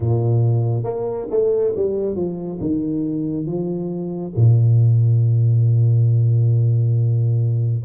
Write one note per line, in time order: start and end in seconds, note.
0.00 0.83 A#2
0.83 1.26 A#3
1.30 1.74 A3
1.75 2.15 G3
2.15 2.58 F3
2.60 3.45 D#3
3.45 4.32 F3
4.36 7.83 A#2